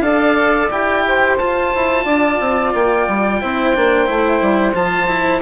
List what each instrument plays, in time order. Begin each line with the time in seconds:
0.00 bassoon D4, cello A4, saxophone D5, oboe F5
0.71 bassoon E4, cello G4, oboe G5
1.07 saxophone C5
1.38 bassoon F4, cello F4, oboe A5
1.75 bassoon E4
2.04 bassoon D4, saxophone D5
2.39 bassoon C4
2.74 bassoon A#3, oboe G5
3.08 bassoon G3
3.40 bassoon C4, cello E4, saxophone C5
3.74 bassoon A#3, cello D4
4.05 bassoon A3, cello E4
4.41 bassoon G3
4.73 bassoon F3, cello F4, oboe A5
5.07 cello E4